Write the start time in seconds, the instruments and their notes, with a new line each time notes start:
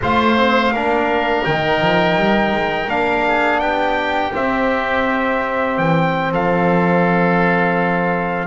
0.01 double bass A3, trombone F4, oboe C5, trumpet F5
0.36 trombone C4
0.71 double bass A#3, trombone D4, oboe A#4
1.45 double bass D#3, trombone D#4, trumpet G5
1.81 double bass F3
2.16 double bass G3
2.51 double bass G#3
2.88 double bass A#3, trombone D4, trumpet F5
3.27 oboe G#4
3.59 double bass B3, oboe G4, trumpet G5
4.32 trombone C4, double bass C4, trumpet E5
5.77 double bass E3, trumpet G5
6.32 double bass F3, oboe A4, trumpet F5